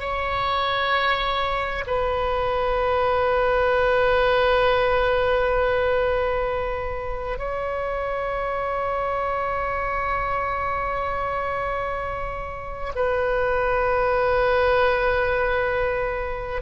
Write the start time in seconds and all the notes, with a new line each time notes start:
0.00 C#5
1.87 B4
7.38 C#5
12.95 B4